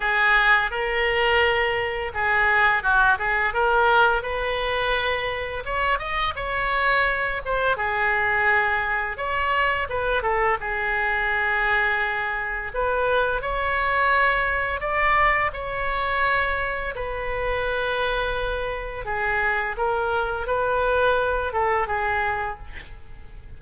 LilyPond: \new Staff \with { instrumentName = "oboe" } { \time 4/4 \tempo 4 = 85 gis'4 ais'2 gis'4 | fis'8 gis'8 ais'4 b'2 | cis''8 dis''8 cis''4. c''8 gis'4~ | gis'4 cis''4 b'8 a'8 gis'4~ |
gis'2 b'4 cis''4~ | cis''4 d''4 cis''2 | b'2. gis'4 | ais'4 b'4. a'8 gis'4 | }